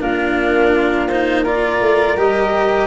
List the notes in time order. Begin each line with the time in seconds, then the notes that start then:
0.00 A#3 D4 F4 A#4
1.08 D#4 C5
1.42 F4 A#4 D5
1.81 A3
2.17 G3 G4 D#5